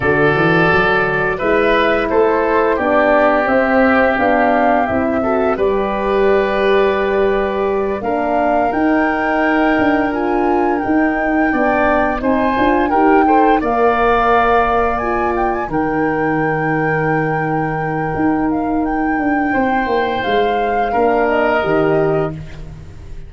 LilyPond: <<
  \new Staff \with { instrumentName = "flute" } { \time 4/4 \tempo 4 = 86 d''2 e''4 c''4 | d''4 e''4 f''4 e''4 | d''2.~ d''8 f''8~ | f''8 g''2 gis''4 g''8~ |
g''4. gis''4 g''4 f''8~ | f''4. gis''8 g''16 gis''16 g''4.~ | g''2~ g''8 f''8 g''4~ | g''4 f''4. dis''4. | }
  \new Staff \with { instrumentName = "oboe" } { \time 4/4 a'2 b'4 a'4 | g'2.~ g'8 a'8 | b'2.~ b'8 ais'8~ | ais'1~ |
ais'8 d''4 c''4 ais'8 c''8 d''8~ | d''2~ d''8 ais'4.~ | ais'1 | c''2 ais'2 | }
  \new Staff \with { instrumentName = "horn" } { \time 4/4 fis'2 e'2 | d'4 c'4 d'4 e'8 fis'8 | g'2.~ g'8 d'8~ | d'8 dis'2 f'4 dis'8~ |
dis'8 d'4 dis'8 f'8 g'8 a'8 ais'8~ | ais'4. f'4 dis'4.~ | dis'1~ | dis'2 d'4 g'4 | }
  \new Staff \with { instrumentName = "tuba" } { \time 4/4 d8 e8 fis4 gis4 a4 | b4 c'4 b4 c'4 | g2.~ g8 ais8~ | ais8 dis'4. d'4. dis'8~ |
dis'8 b4 c'8 d'8 dis'4 ais8~ | ais2~ ais8 dis4.~ | dis2 dis'4. d'8 | c'8 ais8 gis4 ais4 dis4 | }
>>